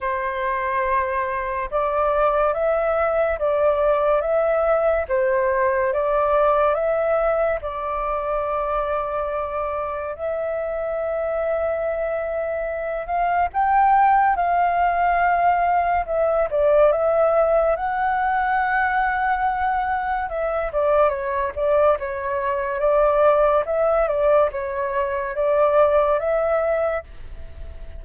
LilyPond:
\new Staff \with { instrumentName = "flute" } { \time 4/4 \tempo 4 = 71 c''2 d''4 e''4 | d''4 e''4 c''4 d''4 | e''4 d''2. | e''2.~ e''8 f''8 |
g''4 f''2 e''8 d''8 | e''4 fis''2. | e''8 d''8 cis''8 d''8 cis''4 d''4 | e''8 d''8 cis''4 d''4 e''4 | }